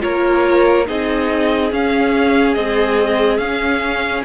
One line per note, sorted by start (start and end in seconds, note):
0.00 0.89 A#3
0.00 0.85 F4
0.00 0.87 A#4
0.00 0.87 C#5
0.86 1.72 C4
0.86 1.71 D#4
0.86 4.25 G#4
0.86 1.72 D#5
1.71 2.56 C#4
1.71 2.54 F5
2.54 3.40 G#3
2.54 3.38 C4
2.54 3.38 D#5
3.38 4.23 C#4
3.38 4.25 C#4
3.38 4.22 F5